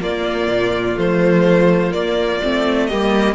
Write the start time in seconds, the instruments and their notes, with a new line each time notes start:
0.00 viola A#3, cello A#3, violin F4 D5
0.47 cello A#2
0.96 cello F3, viola A3, violin C5
1.91 viola A#3, cello A#3, violin D5
2.42 cello A3, viola C4
2.86 cello G3, viola A#3, violin G4 D#5